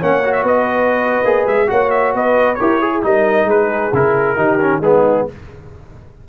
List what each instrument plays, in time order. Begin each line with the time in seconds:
0.00 tuba A#3, trombone C#4, horn C#5, trumpet F#5
0.25 trombone F#4
0.33 trumpet E5
0.43 tuba B3, horn B4, trumpet D#5
1.24 tuba A#3, trombone G#4
1.47 tuba G#3, trumpet E5
1.67 tuba A#3, trombone F#4, horn C#5, trumpet F#5
1.91 trumpet E5
2.14 tuba B3, horn B4, trumpet D#5
2.55 tuba E4, trombone G4, horn A#4, trumpet C#5
2.81 horn G#4, trombone G#4
3.03 tuba G3, trombone D#4, horn A#4, trumpet D#5
3.45 tuba G#3, horn G#4, trumpet B4
3.93 tuba C#3, trombone E4, trumpet A#4
4.37 tuba D#3, trombone D#4, horn G4
4.60 trombone C#4
4.81 tuba G#3, trombone B3, horn D#4, trumpet G#4